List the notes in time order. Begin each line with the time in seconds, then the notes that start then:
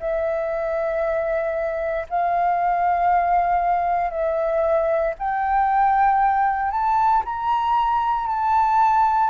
0.00 E5
2.10 F5
4.11 E5
5.19 G5
6.71 A5
7.26 A#5
8.28 A5